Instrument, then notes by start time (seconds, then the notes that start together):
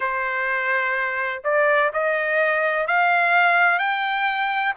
trumpet
0.00 C5
1.43 D5
1.93 D#5
2.87 F5
3.78 G5